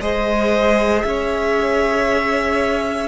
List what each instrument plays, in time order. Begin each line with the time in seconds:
0.00 cello G#3, viola G#4, violin C5 D#5
1.02 cello C#4, violin C#5 E5